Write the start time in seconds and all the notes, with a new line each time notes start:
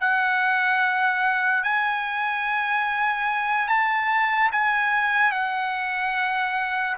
0.00 F#5
1.64 G#5
3.68 A5
4.52 G#5
5.32 F#5